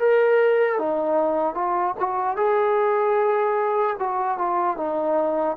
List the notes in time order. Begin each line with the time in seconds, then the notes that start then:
0.00 A#4
0.79 D#4
1.55 F4
2.00 F#4
2.37 G#4
4.00 F#4
4.39 F4
4.77 D#4